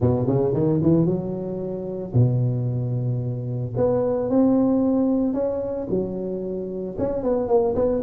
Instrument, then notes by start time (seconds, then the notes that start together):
tuba
0.00 B2
0.26 C#3
0.53 D#3
0.82 E3
1.05 F#3
2.13 B2
3.76 B3
4.29 C4
5.33 C#4
5.89 F#3
6.98 C#4
7.23 B3
7.48 A#3
7.75 B3